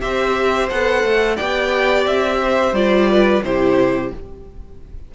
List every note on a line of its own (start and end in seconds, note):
0.00 0.70 C4
0.00 0.68 G4
0.00 1.36 C5
0.00 0.68 E5
0.69 1.03 B3
0.69 1.38 A4
0.69 1.36 F#5
1.03 1.37 A3
1.36 2.06 B3
1.36 2.74 G4
1.36 2.38 D5
1.36 2.04 G5
2.06 2.72 C4
2.06 2.74 E5
2.42 3.10 C5
2.72 3.40 G3
2.72 3.42 F4
2.72 3.42 D5
3.10 3.44 B4
3.42 4.11 C3
3.42 4.12 E4
3.42 4.14 G4
3.42 4.12 C5